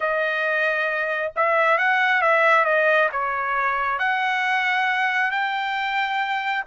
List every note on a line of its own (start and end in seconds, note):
0.00 1.32 D#5
1.36 1.78 E5
1.78 2.21 F#5
2.21 2.64 E5
2.64 3.09 D#5
3.12 3.99 C#5
3.99 5.31 F#5
5.31 6.64 G5